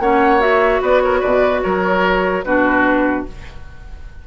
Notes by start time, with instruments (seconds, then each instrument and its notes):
0.00 bassoon A#3, clarinet C#4, oboe C#5, flute F#5
0.40 clarinet F#4, flute E5
0.82 bassoon B3, oboe B4, flute D5
1.01 oboe A#4, flute C#5
1.20 bassoon B2, oboe B4, flute D5
1.63 bassoon F#3, oboe A#4, flute C#5
2.44 bassoon B2, clarinet D4, oboe F#4, flute B4